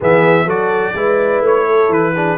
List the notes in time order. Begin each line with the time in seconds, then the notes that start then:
0.00 E3 B3 G#4 E5
0.45 F#3 F#4 A4 D5
0.94 G#3 E4 B4
1.41 A3 C#5
1.65 A4
1.89 E3 B4
2.14 D4 G#4